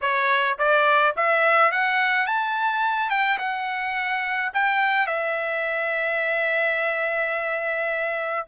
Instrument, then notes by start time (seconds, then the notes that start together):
trumpet
0.01 C#5
0.58 D5
1.16 E5
1.71 F#5
2.26 A5
3.10 G5
3.38 F#5
4.53 G5
5.06 E5